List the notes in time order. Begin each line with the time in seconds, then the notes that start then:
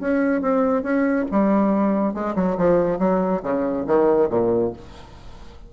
0.00 C#4
0.42 C4
0.83 C#4
1.31 G3
2.14 G#3
2.36 F#3
2.58 F3
2.99 F#3
3.43 C#3
3.87 D#3
4.30 A#2